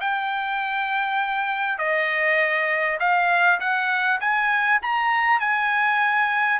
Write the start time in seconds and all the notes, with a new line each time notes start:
0.00 G5
1.78 D#5
2.99 F5
3.59 F#5
4.20 G#5
4.82 A#5
5.40 G#5